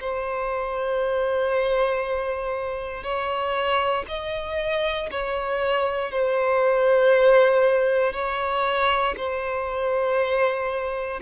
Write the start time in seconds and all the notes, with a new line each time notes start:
0.00 C5
3.03 C#5
4.08 D#5
5.11 C#5
6.11 C5
8.13 C#5
9.17 C5